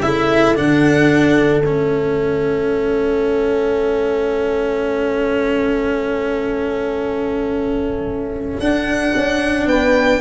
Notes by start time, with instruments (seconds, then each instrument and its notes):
0.00 tuba C#3, cello E4, horn A4, violin E5
0.55 tuba D3, cello D4, violin F#5
1.63 tuba A3, cello C#4, violin E5
8.59 tuba D4, cello D4, violin F#5
9.15 tuba C#4
9.65 tuba B3, horn B4, violin G5